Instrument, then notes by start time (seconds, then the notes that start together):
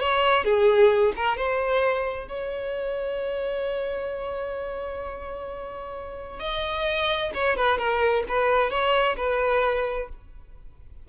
violin
0.00 C#5
0.44 G#4
1.16 A#4
1.37 C5
2.28 C#5
6.40 D#5
7.34 C#5
7.56 B4
7.78 A#4
8.28 B4
8.70 C#5
9.17 B4